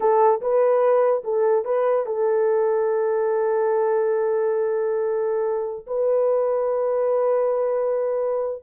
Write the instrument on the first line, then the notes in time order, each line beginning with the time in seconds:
horn
0.00 A4
0.41 B4
1.24 A4
1.64 B4
2.05 A4
5.87 B4